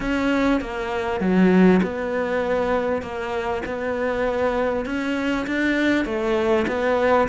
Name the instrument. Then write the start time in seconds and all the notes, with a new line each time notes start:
cello
0.00 C#4
0.61 A#3
1.20 F#3
1.82 B3
3.01 A#3
3.65 B3
4.85 C#4
5.46 D4
6.05 A3
6.67 B3